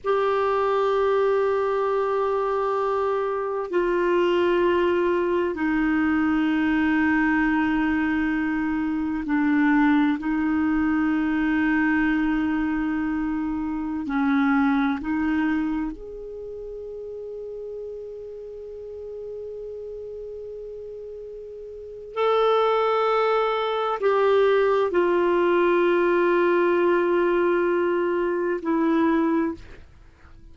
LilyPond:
\new Staff \with { instrumentName = "clarinet" } { \time 4/4 \tempo 4 = 65 g'1 | f'2 dis'2~ | dis'2 d'4 dis'4~ | dis'2.~ dis'16 cis'8.~ |
cis'16 dis'4 gis'2~ gis'8.~ | gis'1 | a'2 g'4 f'4~ | f'2. e'4 | }